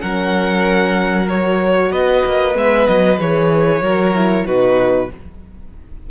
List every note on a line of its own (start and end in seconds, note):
0.00 1.91 F#3
0.00 1.27 C#4
0.00 1.91 A#4
0.00 1.28 F#5
1.27 2.53 F#4
1.27 1.92 C#5
1.91 2.23 B3
1.91 3.82 B4
1.91 2.56 D#5
2.25 2.55 A#3
2.53 2.87 G#3
2.53 3.17 B3
2.53 2.86 E5
2.86 3.19 F#3
2.86 3.18 D#5
3.18 3.81 E3
3.18 3.82 G#4
3.18 4.46 C#5
3.81 4.45 F#3
3.81 4.14 F#4
3.81 4.46 A#4
4.14 4.46 E4
4.46 5.10 B2
4.46 5.09 D#4
4.46 5.10 F#4
4.46 5.10 B4